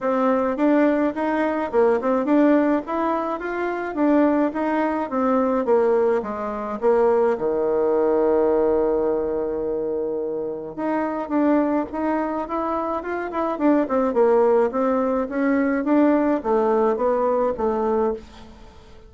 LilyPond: \new Staff \with { instrumentName = "bassoon" } { \time 4/4 \tempo 4 = 106 c'4 d'4 dis'4 ais8 c'8 | d'4 e'4 f'4 d'4 | dis'4 c'4 ais4 gis4 | ais4 dis2.~ |
dis2. dis'4 | d'4 dis'4 e'4 f'8 e'8 | d'8 c'8 ais4 c'4 cis'4 | d'4 a4 b4 a4 | }